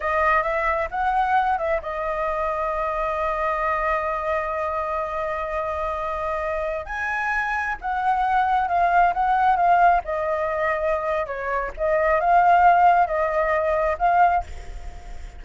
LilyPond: \new Staff \with { instrumentName = "flute" } { \time 4/4 \tempo 4 = 133 dis''4 e''4 fis''4. e''8 | dis''1~ | dis''1~ | dis''2.~ dis''16 gis''8.~ |
gis''4~ gis''16 fis''2 f''8.~ | f''16 fis''4 f''4 dis''4.~ dis''16~ | dis''4 cis''4 dis''4 f''4~ | f''4 dis''2 f''4 | }